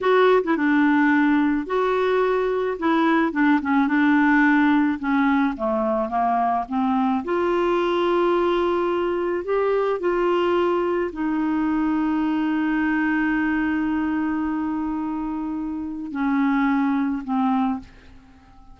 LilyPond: \new Staff \with { instrumentName = "clarinet" } { \time 4/4 \tempo 4 = 108 fis'8. e'16 d'2 fis'4~ | fis'4 e'4 d'8 cis'8 d'4~ | d'4 cis'4 a4 ais4 | c'4 f'2.~ |
f'4 g'4 f'2 | dis'1~ | dis'1~ | dis'4 cis'2 c'4 | }